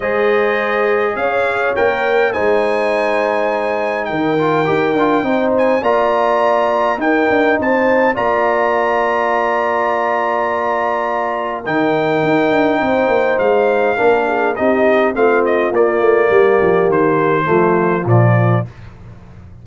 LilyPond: <<
  \new Staff \with { instrumentName = "trumpet" } { \time 4/4 \tempo 4 = 103 dis''2 f''4 g''4 | gis''2. g''4~ | g''4. gis''8 ais''2 | g''4 a''4 ais''2~ |
ais''1 | g''2. f''4~ | f''4 dis''4 f''8 dis''8 d''4~ | d''4 c''2 d''4 | }
  \new Staff \with { instrumentName = "horn" } { \time 4/4 c''2 cis''2 | c''2. ais'4~ | ais'4 c''4 d''2 | ais'4 c''4 d''2~ |
d''1 | ais'2 c''2 | ais'8 gis'8 g'4 f'2 | g'2 f'2 | }
  \new Staff \with { instrumentName = "trombone" } { \time 4/4 gis'2. ais'4 | dis'2.~ dis'8 f'8 | g'8 f'8 dis'4 f'2 | dis'2 f'2~ |
f'1 | dis'1 | d'4 dis'4 c'4 ais4~ | ais2 a4 f4 | }
  \new Staff \with { instrumentName = "tuba" } { \time 4/4 gis2 cis'4 ais4 | gis2. dis4 | dis'8 d'8 c'4 ais2 | dis'8 d'8 c'4 ais2~ |
ais1 | dis4 dis'8 d'8 c'8 ais8 gis4 | ais4 c'4 a4 ais8 a8 | g8 f8 dis4 f4 ais,4 | }
>>